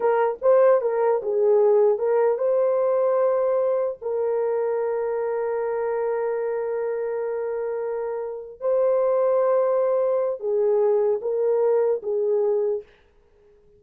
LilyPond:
\new Staff \with { instrumentName = "horn" } { \time 4/4 \tempo 4 = 150 ais'4 c''4 ais'4 gis'4~ | gis'4 ais'4 c''2~ | c''2 ais'2~ | ais'1~ |
ais'1~ | ais'4. c''2~ c''8~ | c''2 gis'2 | ais'2 gis'2 | }